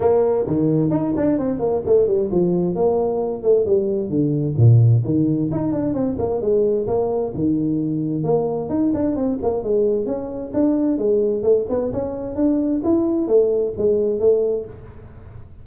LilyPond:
\new Staff \with { instrumentName = "tuba" } { \time 4/4 \tempo 4 = 131 ais4 dis4 dis'8 d'8 c'8 ais8 | a8 g8 f4 ais4. a8 | g4 d4 ais,4 dis4 | dis'8 d'8 c'8 ais8 gis4 ais4 |
dis2 ais4 dis'8 d'8 | c'8 ais8 gis4 cis'4 d'4 | gis4 a8 b8 cis'4 d'4 | e'4 a4 gis4 a4 | }